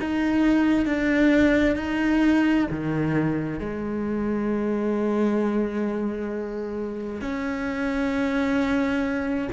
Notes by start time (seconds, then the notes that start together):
0.00 D#4
0.86 D4
1.76 D#4
2.71 D#3
3.60 G#3
7.21 C#4